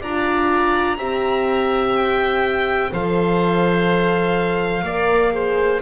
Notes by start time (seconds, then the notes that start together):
0.00 D4 F4 D5 A#5
0.97 C4 G4 E5
1.96 G5
2.91 F3 A4 C5 F5
4.83 A#3 A#4 D5
5.32 G#4 C5